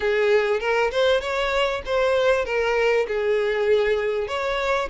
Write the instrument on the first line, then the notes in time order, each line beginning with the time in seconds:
violin
0.00 G#4
0.60 A#4
0.91 C5
1.21 C#5
1.85 C5
2.45 A#4
3.08 G#4
4.27 C#5